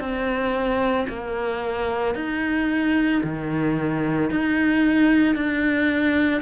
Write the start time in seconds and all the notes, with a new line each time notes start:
0.00 C4
1.08 A#3
2.15 D#4
3.23 D#3
4.31 D#4
5.35 D4